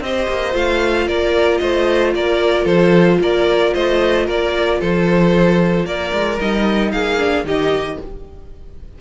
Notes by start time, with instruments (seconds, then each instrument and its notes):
0.00 cello C4, viola G4, violin C5 D#5
0.28 cello A#3
0.52 cello A3, viola F4, violin F5
1.07 cello A#3, violin A#4 D5
1.58 cello A3, violin C5 D#5
2.15 cello A#3, violin A#4 D5
2.64 cello F3, violin A4 C5
3.20 cello A#3, violin A#4 D5
3.73 cello A3, violin C5 D#5
4.25 cello A#3, violin A#4 D5
4.80 cello F3, violin A4 C5
5.85 cello A#3, violin A#4 D5
6.12 cello G#3
6.39 cello G3, viola D#4, violin D#5
6.91 cello A#3, violin G#4 F5
7.18 viola D4
7.44 cello D#3, viola D#4, violin G4 D#5